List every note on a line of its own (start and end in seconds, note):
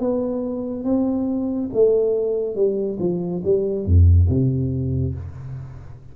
0.00 0.84 B3
0.84 1.70 C4
1.74 2.56 A3
2.56 2.98 G3
2.99 3.42 F3
3.44 3.85 G3
3.85 4.28 F2
4.29 5.15 C3